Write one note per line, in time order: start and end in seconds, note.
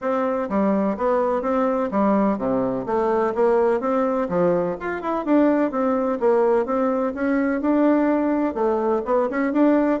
0.01 0.48 C4
0.49 0.97 G3
0.97 1.42 B3
1.42 1.89 C4
1.91 2.37 G3
2.37 2.85 C3
2.85 3.33 A3
3.35 3.80 A#3
3.80 4.28 C4
4.28 4.76 F3
4.80 5.01 F4
5.01 5.25 E4
5.25 5.71 D4
5.71 6.18 C4
6.20 6.65 A#3
6.65 7.13 C4
7.14 7.61 C#4
7.61 8.54 D4
8.54 9.02 A3
9.05 9.29 B3
9.30 9.52 C#4
9.52 10.00 D4